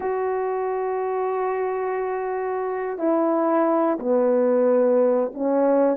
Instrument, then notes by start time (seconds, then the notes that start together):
horn
0.00 F#4
2.98 E4
3.99 B3
5.34 C#4